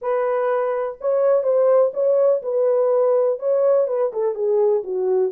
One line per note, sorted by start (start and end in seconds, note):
0.01 0.98 B4
1.00 1.43 C#5
1.43 1.91 C5
1.93 2.41 C#5
2.42 3.39 B4
3.39 3.87 C#5
3.87 4.12 B4
4.13 4.34 A4
4.34 4.83 G#4
4.83 5.32 F#4